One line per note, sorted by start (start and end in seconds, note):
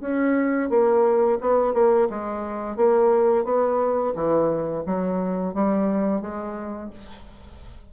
0.00 0.69 C#4
0.69 1.38 A#3
1.40 1.73 B3
1.73 2.08 A#3
2.09 2.76 G#3
2.76 3.44 A#3
3.44 4.13 B3
4.15 4.84 E3
4.86 5.54 F#3
5.54 6.21 G3
6.21 6.90 G#3